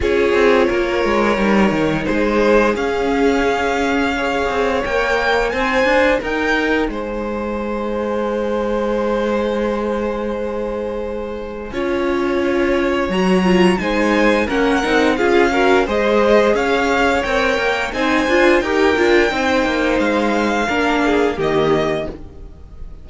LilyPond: <<
  \new Staff \with { instrumentName = "violin" } { \time 4/4 \tempo 4 = 87 cis''2. c''4 | f''2. g''4 | gis''4 g''4 gis''2~ | gis''1~ |
gis''2. ais''4 | gis''4 fis''4 f''4 dis''4 | f''4 g''4 gis''4 g''4~ | g''4 f''2 dis''4 | }
  \new Staff \with { instrumentName = "violin" } { \time 4/4 gis'4 ais'2 gis'4~ | gis'2 cis''2 | c''4 ais'4 c''2~ | c''1~ |
c''4 cis''2. | c''4 ais'4 gis'8 ais'8 c''4 | cis''2 c''4 ais'4 | c''2 ais'8 gis'8 g'4 | }
  \new Staff \with { instrumentName = "viola" } { \time 4/4 f'2 dis'2 | cis'2 gis'4 ais'4 | dis'1~ | dis'1~ |
dis'4 f'2 fis'8 f'8 | dis'4 cis'8 dis'8 f'8 fis'8 gis'4~ | gis'4 ais'4 dis'8 f'8 g'8 f'8 | dis'2 d'4 ais4 | }
  \new Staff \with { instrumentName = "cello" } { \time 4/4 cis'8 c'8 ais8 gis8 g8 dis8 gis4 | cis'2~ cis'8 c'8 ais4 | c'8 d'8 dis'4 gis2~ | gis1~ |
gis4 cis'2 fis4 | gis4 ais8 c'8 cis'4 gis4 | cis'4 c'8 ais8 c'8 d'8 dis'8 d'8 | c'8 ais8 gis4 ais4 dis4 | }
>>